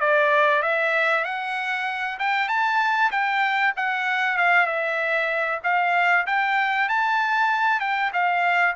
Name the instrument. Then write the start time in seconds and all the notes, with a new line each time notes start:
trumpet
0.00 D5
0.62 E5
1.24 F#5
2.19 G5
2.48 A5
3.11 G5
3.76 F#5
4.37 F5
4.66 E5
5.63 F5
6.26 G5
6.89 A5
7.80 G5
8.13 F5